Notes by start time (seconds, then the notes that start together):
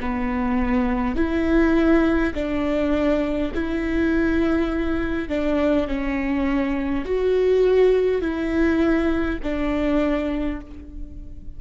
0.00 B3
1.16 E4
2.34 D4
3.55 E4
5.29 D4
5.88 C#4
7.05 F#4
8.21 E4
9.43 D4